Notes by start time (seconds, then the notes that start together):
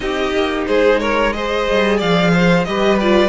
0.00 C4 D#4 G4 D#5
0.34 A#3
0.66 G#3 G#4 C5
0.99 A#4 C#5
1.32 G#4 C5 D#5
1.70 G3
1.97 F3 D5 F5
2.33 C5
2.64 G3 G4 B4 D#5
2.99 F4 D5